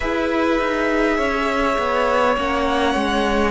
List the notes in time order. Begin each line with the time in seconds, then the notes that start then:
0.00 E4 G#4 B4 E5
0.59 D#4
1.17 C#4 C#5
1.77 B3
2.36 A#3 C#4 F#5
2.94 G#3